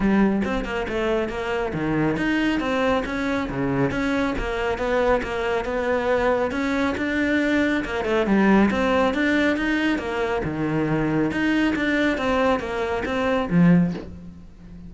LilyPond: \new Staff \with { instrumentName = "cello" } { \time 4/4 \tempo 4 = 138 g4 c'8 ais8 a4 ais4 | dis4 dis'4 c'4 cis'4 | cis4 cis'4 ais4 b4 | ais4 b2 cis'4 |
d'2 ais8 a8 g4 | c'4 d'4 dis'4 ais4 | dis2 dis'4 d'4 | c'4 ais4 c'4 f4 | }